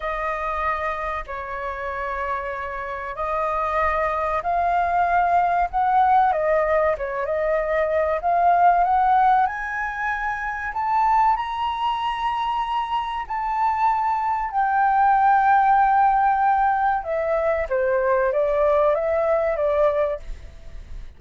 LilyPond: \new Staff \with { instrumentName = "flute" } { \time 4/4 \tempo 4 = 95 dis''2 cis''2~ | cis''4 dis''2 f''4~ | f''4 fis''4 dis''4 cis''8 dis''8~ | dis''4 f''4 fis''4 gis''4~ |
gis''4 a''4 ais''2~ | ais''4 a''2 g''4~ | g''2. e''4 | c''4 d''4 e''4 d''4 | }